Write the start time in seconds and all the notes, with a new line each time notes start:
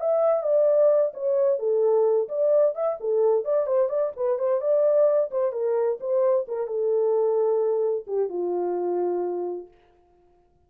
0.00 E5
0.43 D5
1.14 C#5
1.59 A4
2.28 D5
2.75 E5
3.00 A4
3.44 D5
3.67 C5
3.89 D5
4.16 B4
4.38 C5
4.61 D5
5.31 C5
5.52 A#4
6.00 C5
6.47 A#4
6.67 A4
8.07 G4
8.29 F4